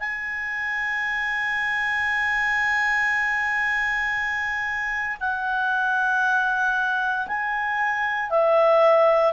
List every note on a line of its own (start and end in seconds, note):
0.00 5.17 G#5
5.20 7.27 F#5
7.27 8.30 G#5
8.30 9.33 E5